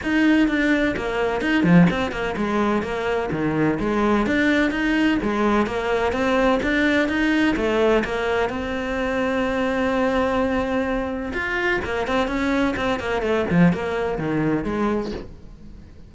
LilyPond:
\new Staff \with { instrumentName = "cello" } { \time 4/4 \tempo 4 = 127 dis'4 d'4 ais4 dis'8 f8 | c'8 ais8 gis4 ais4 dis4 | gis4 d'4 dis'4 gis4 | ais4 c'4 d'4 dis'4 |
a4 ais4 c'2~ | c'1 | f'4 ais8 c'8 cis'4 c'8 ais8 | a8 f8 ais4 dis4 gis4 | }